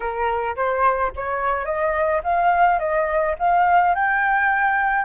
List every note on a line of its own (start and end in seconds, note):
0.00 0.55 A#4
0.56 1.12 C5
1.15 1.65 C#5
1.65 2.21 D#5
2.23 2.79 F5
2.79 3.35 D#5
3.38 3.94 F5
3.95 5.04 G5